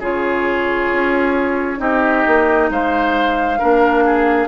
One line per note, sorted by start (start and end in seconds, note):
0.00 0.90 C#3
0.00 1.78 F4
0.00 1.79 G#4
0.00 1.81 C#5
0.92 1.80 C#4
1.78 2.25 C4
1.78 3.57 D#4
1.78 2.70 G4
1.78 2.70 D#5
2.27 2.70 A#3
2.70 3.60 G#3
2.70 3.59 C5
2.70 4.49 F5
3.59 4.49 A#3
3.59 4.49 D4
3.59 4.04 A#4
4.05 4.49 G#4